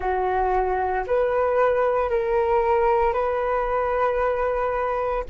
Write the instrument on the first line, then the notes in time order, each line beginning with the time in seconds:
flute
0.00 F#4
1.07 B4
2.10 A#4
3.13 B4